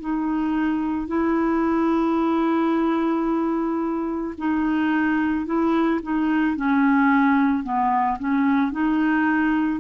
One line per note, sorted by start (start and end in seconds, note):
0.00 1.07 D#4
1.07 4.34 E4
4.38 5.46 D#4
5.46 6.00 E4
6.02 6.57 D#4
6.57 7.64 C#4
7.64 8.18 B3
8.19 8.72 C#4
8.72 9.80 D#4